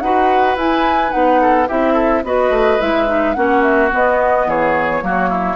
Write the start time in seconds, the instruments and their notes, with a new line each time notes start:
0.00 bassoon D#4, clarinet F#4, oboe B4, flute F#5
0.56 bassoon E4, clarinet E4, flute G#5
1.10 bassoon B3, clarinet D#4, flute F#5
1.41 oboe A4
1.68 bassoon C4, clarinet E4, oboe G4, flute E5
1.93 oboe A4
2.23 bassoon B3, clarinet F#4, oboe B4, flute D#5
2.50 bassoon A3
2.80 bassoon G#3, clarinet E4, flute E5
3.06 clarinet D#4
3.33 bassoon A#3, clarinet C#4, oboe F#4, flute F#5
3.62 flute E5
3.91 clarinet B3, bassoon B3, flute D#5
4.46 bassoon E3, oboe G#4, flute C#5
5.01 bassoon F#3, clarinet A#3, oboe F#4
5.29 oboe E4